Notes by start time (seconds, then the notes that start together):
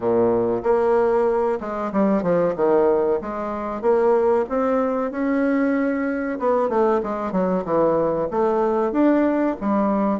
0.00 A#2
0.63 A#3
1.60 G#3
1.92 G3
2.22 F3
2.56 D#3
3.21 G#3
3.81 A#3
4.49 C4
5.11 C#4
6.39 B3
6.69 A3
7.03 G#3
7.32 F#3
7.65 E3
8.30 A3
8.92 D4
9.61 G3